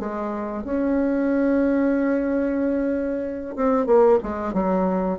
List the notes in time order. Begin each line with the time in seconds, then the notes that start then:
0.00 G#3
0.65 C#4
3.56 C4
3.87 A#3
4.23 G#3
4.54 F#3